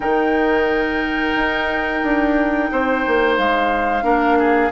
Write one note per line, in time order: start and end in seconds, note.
0.00 1.35 D#3
0.00 4.03 D#4
0.00 2.70 A#4
0.00 3.36 G5
1.35 2.02 D#4
2.02 2.70 D4
2.71 3.05 C4
2.71 4.04 C5
3.07 3.38 A#3
3.37 4.03 G#3
3.37 4.72 F5
4.03 4.70 A#3
4.03 4.70 D4
4.03 4.37 A#4
4.38 4.72 G#4